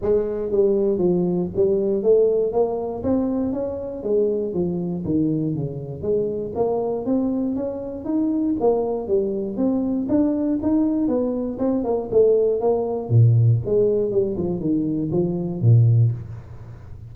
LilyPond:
\new Staff \with { instrumentName = "tuba" } { \time 4/4 \tempo 4 = 119 gis4 g4 f4 g4 | a4 ais4 c'4 cis'4 | gis4 f4 dis4 cis4 | gis4 ais4 c'4 cis'4 |
dis'4 ais4 g4 c'4 | d'4 dis'4 b4 c'8 ais8 | a4 ais4 ais,4 gis4 | g8 f8 dis4 f4 ais,4 | }